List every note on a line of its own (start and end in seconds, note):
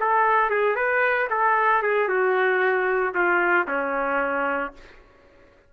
0.00 0.50 A4
0.50 0.76 G#4
0.76 1.28 B4
1.30 1.83 A4
1.83 2.09 G#4
2.09 3.14 F#4
3.15 3.67 F4
3.68 4.73 C#4